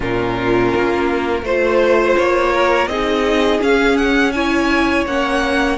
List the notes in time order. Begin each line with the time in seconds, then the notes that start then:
0.00 A#2 C#4 F4 A#4
0.75 A#3
1.42 A3 F4 C5
2.17 A#3 C#5
2.52 A#4
2.87 C4 D#4 G#4 D#5
3.60 C#4 F5
3.97 F#5
4.32 E4 C#5 G#5
5.06 A#3 C#4 F#5